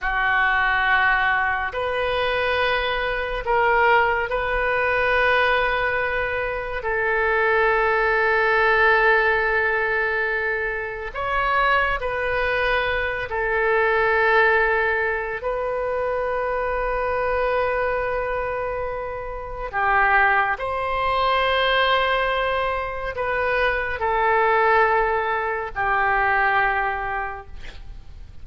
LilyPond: \new Staff \with { instrumentName = "oboe" } { \time 4/4 \tempo 4 = 70 fis'2 b'2 | ais'4 b'2. | a'1~ | a'4 cis''4 b'4. a'8~ |
a'2 b'2~ | b'2. g'4 | c''2. b'4 | a'2 g'2 | }